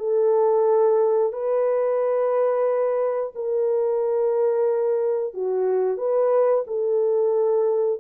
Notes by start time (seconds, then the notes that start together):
0.00 A4
1.33 B4
3.35 A#4
5.34 F#4
5.98 B4
6.68 A4